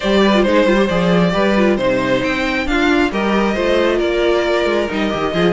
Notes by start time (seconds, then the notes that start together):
0.00 G3 G4 C5 D5
0.22 B4
0.34 F4
0.42 G#3 D#4 C5
0.66 G3 F4
0.76 G4
0.88 F3 G#4 D5
1.30 G3 G4 B4
1.57 F4
1.76 C3 D#4 C5
2.23 C4 G5
2.65 D4 F4 F5
3.11 G3 G4 A#4 D#5
3.54 A3 F4 C5
3.96 A#3 A#4 D5
4.65 G#3
4.88 G3 D#4 D#5
5.10 D#3 G4
5.33 F3 F4 G#4